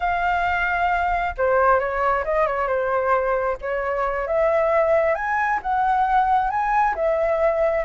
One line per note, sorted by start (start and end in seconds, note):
0.00 1.34 F5
1.37 1.79 C5
1.79 2.24 C#5
2.24 2.46 D#5
2.46 2.67 C#5
2.67 3.57 C5
3.61 4.27 C#5
4.27 5.15 E5
5.15 5.59 G#5
5.62 6.50 F#5
6.50 6.95 G#5
6.95 7.84 E5